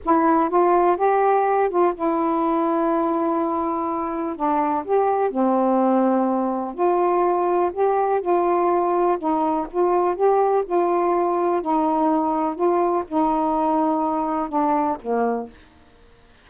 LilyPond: \new Staff \with { instrumentName = "saxophone" } { \time 4/4 \tempo 4 = 124 e'4 f'4 g'4. f'8 | e'1~ | e'4 d'4 g'4 c'4~ | c'2 f'2 |
g'4 f'2 dis'4 | f'4 g'4 f'2 | dis'2 f'4 dis'4~ | dis'2 d'4 ais4 | }